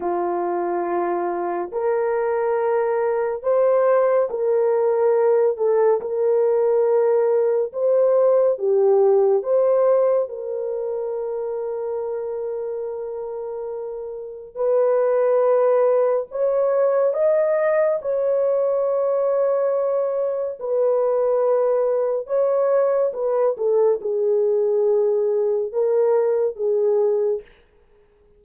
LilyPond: \new Staff \with { instrumentName = "horn" } { \time 4/4 \tempo 4 = 70 f'2 ais'2 | c''4 ais'4. a'8 ais'4~ | ais'4 c''4 g'4 c''4 | ais'1~ |
ais'4 b'2 cis''4 | dis''4 cis''2. | b'2 cis''4 b'8 a'8 | gis'2 ais'4 gis'4 | }